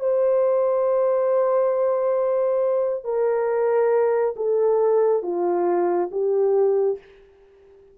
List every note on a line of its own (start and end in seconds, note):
0.00 3.04 C5
3.04 4.35 A#4
4.36 5.23 A4
5.23 6.09 F4
6.11 6.98 G4